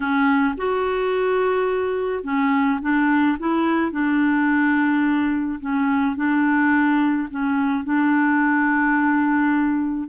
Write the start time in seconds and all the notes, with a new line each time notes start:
0.00 C#4
0.57 F#4
2.23 C#4
2.81 D4
3.39 E4
3.91 D4
5.60 C#4
6.16 D4
7.30 C#4
7.84 D4